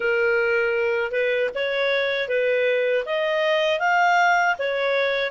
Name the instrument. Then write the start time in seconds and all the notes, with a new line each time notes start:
clarinet
0.00 A#4
1.11 B4
1.55 C#5
2.28 B4
3.05 D#5
3.79 F5
4.58 C#5